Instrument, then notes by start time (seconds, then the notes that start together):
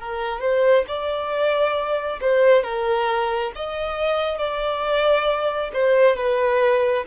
violin
0.00 A#4
0.41 C5
0.88 D5
2.21 C5
2.64 A#4
3.55 D#5
4.38 D5
5.74 C5
6.17 B4